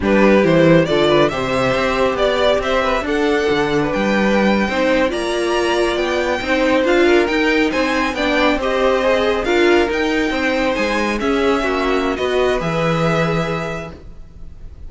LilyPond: <<
  \new Staff \with { instrumentName = "violin" } { \time 4/4 \tempo 4 = 138 b'4 c''4 d''4 e''4~ | e''4 d''4 e''4 fis''4~ | fis''4 g''2~ g''8. ais''16~ | ais''4.~ ais''16 g''2 f''16~ |
f''8. g''4 gis''4 g''4 dis''16~ | dis''4.~ dis''16 f''4 g''4~ g''16~ | g''8. gis''4 e''2~ e''16 | dis''4 e''2. | }
  \new Staff \with { instrumentName = "violin" } { \time 4/4 g'2 a'8 b'8 c''4~ | c''4 d''4 c''8 b'8 a'4~ | a'8. b'2 c''4 d''16~ | d''2~ d''8. c''4~ c''16~ |
c''16 ais'4. c''4 d''4 c''16~ | c''4.~ c''16 ais'2 c''16~ | c''4.~ c''16 gis'4 fis'4~ fis'16 | b'1 | }
  \new Staff \with { instrumentName = "viola" } { \time 4/4 d'4 e'4 f'4 g'4~ | g'2. d'4~ | d'2~ d'8. dis'4 f'16~ | f'2~ f'8. dis'4 f'16~ |
f'8. dis'2 d'4 g'16~ | g'8. gis'4 f'4 dis'4~ dis'16~ | dis'4.~ dis'16 cis'2~ cis'16 | fis'4 gis'2. | }
  \new Staff \with { instrumentName = "cello" } { \time 4/4 g4 e4 d4 c4 | c'4 b4 c'4 d'4 | d4 g4.~ g16 c'4 ais16~ | ais4.~ ais16 b4 c'4 d'16~ |
d'8. dis'4 c'4 b4 c'16~ | c'4.~ c'16 d'4 dis'4 c'16~ | c'8. gis4 cis'4 ais4~ ais16 | b4 e2. | }
>>